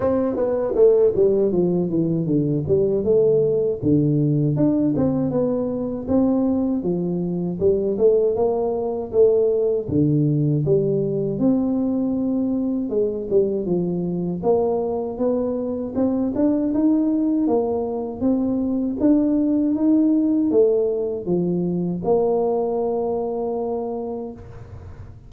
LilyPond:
\new Staff \with { instrumentName = "tuba" } { \time 4/4 \tempo 4 = 79 c'8 b8 a8 g8 f8 e8 d8 g8 | a4 d4 d'8 c'8 b4 | c'4 f4 g8 a8 ais4 | a4 d4 g4 c'4~ |
c'4 gis8 g8 f4 ais4 | b4 c'8 d'8 dis'4 ais4 | c'4 d'4 dis'4 a4 | f4 ais2. | }